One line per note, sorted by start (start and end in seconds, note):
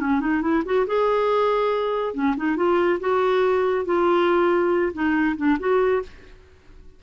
0.00 0.20 C#4
0.20 0.42 D#4
0.42 0.63 E4
0.65 0.87 F#4
0.87 2.14 G#4
2.14 2.36 C#4
2.37 2.57 D#4
2.57 2.99 F4
3.00 3.85 F#4
3.85 4.92 F4
4.93 5.36 D#4
5.37 5.58 D4
5.59 6.02 F#4